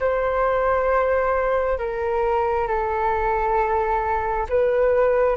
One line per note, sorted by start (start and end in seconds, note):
0.00 1.78 C5
1.78 2.68 A#4
2.68 4.47 A4
4.49 5.36 B4